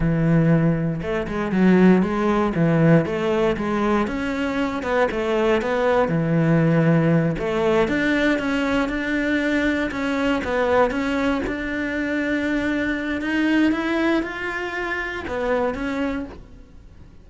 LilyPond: \new Staff \with { instrumentName = "cello" } { \time 4/4 \tempo 4 = 118 e2 a8 gis8 fis4 | gis4 e4 a4 gis4 | cis'4. b8 a4 b4 | e2~ e8 a4 d'8~ |
d'8 cis'4 d'2 cis'8~ | cis'8 b4 cis'4 d'4.~ | d'2 dis'4 e'4 | f'2 b4 cis'4 | }